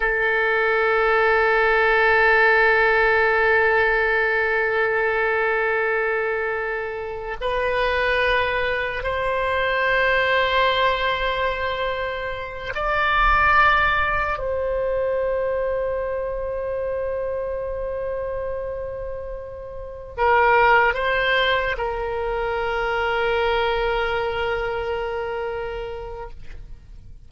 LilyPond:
\new Staff \with { instrumentName = "oboe" } { \time 4/4 \tempo 4 = 73 a'1~ | a'1~ | a'4 b'2 c''4~ | c''2.~ c''8 d''8~ |
d''4. c''2~ c''8~ | c''1~ | c''8 ais'4 c''4 ais'4.~ | ais'1 | }